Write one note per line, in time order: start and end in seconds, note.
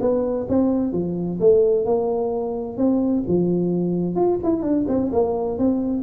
0.00 0.47 B3
0.48 0.92 C4
0.92 1.38 F3
1.40 1.85 A3
1.85 2.77 A#3
2.77 3.23 C4
3.27 4.15 F3
4.15 4.39 F4
4.43 4.62 E4
4.62 4.85 D4
4.88 5.11 C4
5.12 5.58 A#3
5.58 6.03 C4